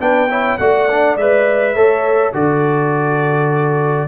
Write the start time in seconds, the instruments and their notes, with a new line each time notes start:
0.00 tuba B3, trombone D4, horn B4, trumpet G5
0.30 trombone E4, horn C#5
0.58 tuba A3, trombone F#4, horn D5, trumpet F#5
0.91 trombone D4
1.17 tuba G#3, trombone B4, trumpet E5
1.75 tuba A3, trombone A4, horn C#5
2.33 tuba D3, trombone F#4, horn A4, trumpet D5